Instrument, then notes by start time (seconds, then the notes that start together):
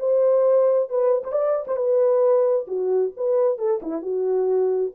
horn
0.00 C5
0.90 B4
1.24 C5
1.32 D5
1.68 C5
1.77 B4
2.68 F#4
3.17 B4
3.59 A4
3.83 E4
4.02 F#4